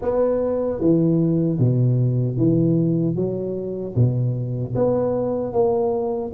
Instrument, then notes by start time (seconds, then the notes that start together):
tuba
0.01 B3
0.80 E3
1.59 B2
2.37 E3
3.15 F#3
3.95 B2
4.75 B3
5.53 A#3